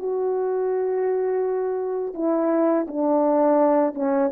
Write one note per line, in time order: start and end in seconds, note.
0.00 2.15 F#4
2.15 2.87 E4
2.88 3.95 D4
3.95 4.31 C#4